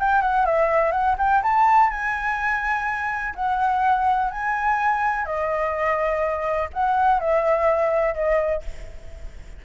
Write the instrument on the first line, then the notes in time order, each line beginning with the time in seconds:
flute
0.00 G5
0.22 F#5
0.46 E5
0.92 F#5
1.18 G5
1.43 A5
1.91 G#5
3.36 F#5
4.32 G#5
5.26 D#5
6.74 F#5
7.20 E5
8.15 D#5